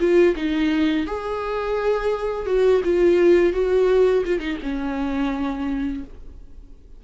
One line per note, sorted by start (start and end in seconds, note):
0.00 0.35 F4
0.36 1.07 D#4
1.07 2.46 G#4
2.46 2.82 F#4
2.85 3.54 F4
3.54 4.24 F#4
4.26 4.40 F4
4.40 4.58 D#4
4.63 6.04 C#4